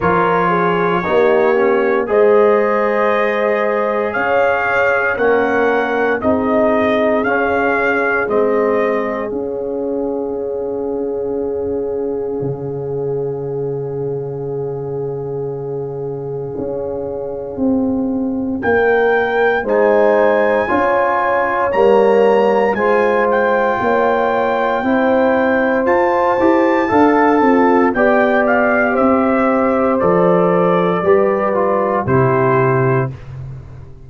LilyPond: <<
  \new Staff \with { instrumentName = "trumpet" } { \time 4/4 \tempo 4 = 58 cis''2 dis''2 | f''4 fis''4 dis''4 f''4 | dis''4 f''2.~ | f''1~ |
f''2 g''4 gis''4~ | gis''4 ais''4 gis''8 g''4.~ | g''4 a''2 g''8 f''8 | e''4 d''2 c''4 | }
  \new Staff \with { instrumentName = "horn" } { \time 4/4 ais'8 gis'8 g'4 c''2 | cis''4 ais'4 gis'2~ | gis'1~ | gis'1~ |
gis'2 ais'4 c''4 | cis''2 c''4 cis''4 | c''2 f''8 f'8 d''4 | c''2 b'4 g'4 | }
  \new Staff \with { instrumentName = "trombone" } { \time 4/4 f'4 dis'8 cis'8 gis'2~ | gis'4 cis'4 dis'4 cis'4 | c'4 cis'2.~ | cis'1~ |
cis'2. dis'4 | f'4 ais4 f'2 | e'4 f'8 g'8 a'4 g'4~ | g'4 a'4 g'8 f'8 e'4 | }
  \new Staff \with { instrumentName = "tuba" } { \time 4/4 f4 ais4 gis2 | cis'4 ais4 c'4 cis'4 | gis4 cis'2. | cis1 |
cis'4 c'4 ais4 gis4 | cis'4 g4 gis4 ais4 | c'4 f'8 e'8 d'8 c'8 b4 | c'4 f4 g4 c4 | }
>>